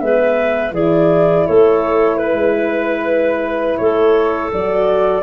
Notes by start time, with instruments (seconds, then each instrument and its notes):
0.00 tuba G#3, horn B3, clarinet B4, flute E5
0.72 tuba E3, horn E4, clarinet G#4, flute D5
1.47 tuba A3, clarinet A4, flute C#5
2.17 clarinet B4, flute B4
2.33 tuba G#3
3.78 tuba A3, clarinet A4, flute C#5
4.53 tuba F#3, horn F#4, flute D5